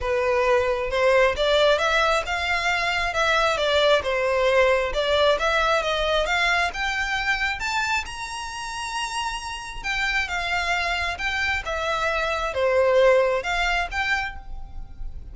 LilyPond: \new Staff \with { instrumentName = "violin" } { \time 4/4 \tempo 4 = 134 b'2 c''4 d''4 | e''4 f''2 e''4 | d''4 c''2 d''4 | e''4 dis''4 f''4 g''4~ |
g''4 a''4 ais''2~ | ais''2 g''4 f''4~ | f''4 g''4 e''2 | c''2 f''4 g''4 | }